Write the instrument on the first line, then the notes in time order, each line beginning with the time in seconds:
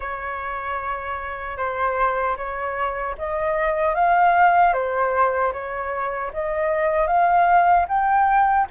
flute
0.00 C#5
1.57 C5
2.36 C#5
3.18 D#5
3.95 F5
4.73 C5
5.52 C#5
6.33 D#5
7.07 F5
7.88 G5